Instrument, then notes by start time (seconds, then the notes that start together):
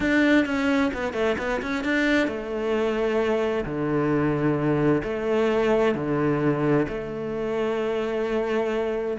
cello
0.00 D4
0.45 C#4
0.93 B3
1.13 A3
1.38 B3
1.62 C#4
1.84 D4
2.27 A3
3.65 D3
5.03 A3
5.94 D3
6.88 A3